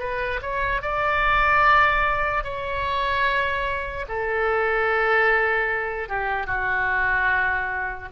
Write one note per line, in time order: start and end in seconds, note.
0.00 0.41 B4
0.42 0.82 C#5
0.82 2.44 D5
2.44 4.07 C#5
4.08 6.09 A4
6.09 6.47 G4
6.47 8.09 F#4